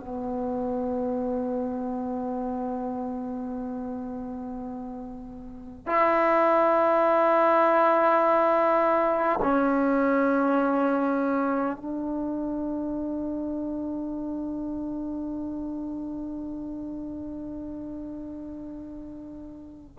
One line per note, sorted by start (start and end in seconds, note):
0.00 5.87 B3
5.87 9.40 E4
9.42 11.76 C#4
11.76 19.99 D4